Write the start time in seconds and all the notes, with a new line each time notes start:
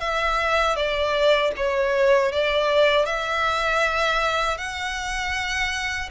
0.00 E5
0.76 D5
1.56 C#5
2.32 D5
3.06 E5
4.58 F#5